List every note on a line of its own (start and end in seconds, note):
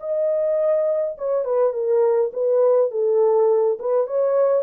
0.00 1.17 D#5
1.18 1.45 C#5
1.45 1.73 B4
1.73 2.31 A#4
2.33 2.91 B4
2.91 3.78 A4
3.80 4.07 B4
4.07 4.63 C#5